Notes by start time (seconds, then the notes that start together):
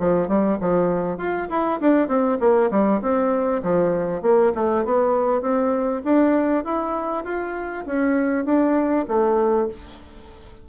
0.00 F3
0.28 G3
0.61 F3
1.18 F4
1.50 E4
1.80 D4
2.08 C4
2.40 A#3
2.71 G3
3.02 C4
3.63 F3
4.22 A#3
4.55 A3
4.85 B3
5.42 C4
6.05 D4
6.65 E4
7.25 F4
7.86 C#4
8.45 D4
9.08 A3